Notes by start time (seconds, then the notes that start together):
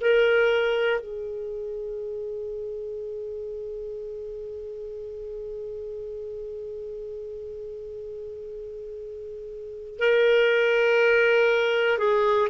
0.00 A#4
1.00 G#4
9.99 A#4
11.98 G#4